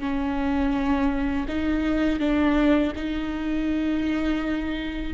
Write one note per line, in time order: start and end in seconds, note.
0.00 1.46 C#4
1.48 2.20 D#4
2.20 2.93 D4
2.96 5.14 D#4